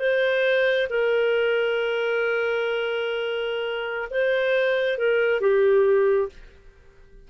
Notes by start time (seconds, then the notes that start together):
0.00 C5
0.90 A#4
4.11 C5
4.99 A#4
5.41 G4